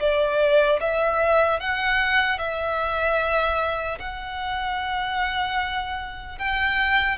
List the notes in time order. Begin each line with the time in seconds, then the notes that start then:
0.00 D5
0.81 E5
1.60 F#5
2.39 E5
4.00 F#5
6.39 G5